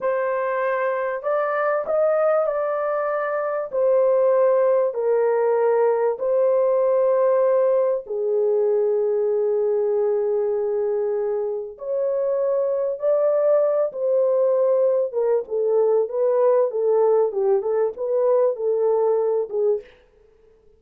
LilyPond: \new Staff \with { instrumentName = "horn" } { \time 4/4 \tempo 4 = 97 c''2 d''4 dis''4 | d''2 c''2 | ais'2 c''2~ | c''4 gis'2.~ |
gis'2. cis''4~ | cis''4 d''4. c''4.~ | c''8 ais'8 a'4 b'4 a'4 | g'8 a'8 b'4 a'4. gis'8 | }